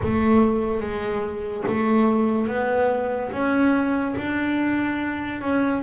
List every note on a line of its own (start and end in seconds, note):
0.03 0.80 A3
0.80 1.63 G#3
1.67 2.47 A3
2.47 3.31 B3
3.31 4.14 C#4
4.17 5.41 D4
5.41 5.82 C#4